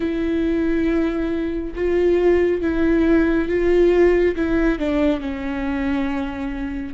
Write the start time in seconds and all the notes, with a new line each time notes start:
0.00 E4
1.75 F4
2.61 E4
3.48 F4
4.35 E4
4.78 D4
5.20 C#4